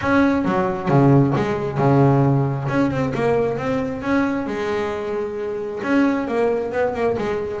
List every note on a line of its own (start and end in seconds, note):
0.01 0.44 C#4
0.44 0.88 F#3
0.88 1.33 C#3
1.35 1.77 G#3
1.77 2.67 C#3
2.68 2.90 C#4
2.90 3.13 C4
3.14 3.57 A#3
3.57 4.02 C4
4.02 4.46 C#4
4.46 5.80 G#3
5.83 6.27 C#4
6.27 6.72 A#3
6.72 6.94 B3
6.94 7.16 A#3
7.18 7.60 G#3